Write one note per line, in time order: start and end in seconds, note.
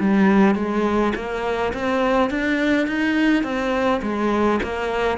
0.00 0.56 G3
0.56 1.13 G#3
1.16 1.74 A#3
1.74 2.31 C4
2.31 2.87 D4
2.87 3.44 D#4
3.44 4.02 C4
4.03 4.60 G#3
4.64 5.19 A#3